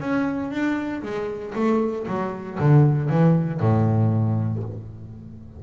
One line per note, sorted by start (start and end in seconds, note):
0.00 0.51 C#4
0.51 1.02 D4
1.03 1.54 G#3
1.55 2.06 A3
2.07 2.59 F#3
2.59 3.09 D3
3.09 3.60 E3
3.60 4.63 A2